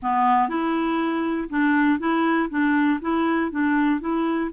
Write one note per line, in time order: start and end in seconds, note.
0.02 0.48 B3
0.48 1.48 E4
1.49 1.99 D4
1.99 2.49 E4
2.49 2.99 D4
3.01 3.51 E4
3.51 4.00 D4
4.00 4.50 E4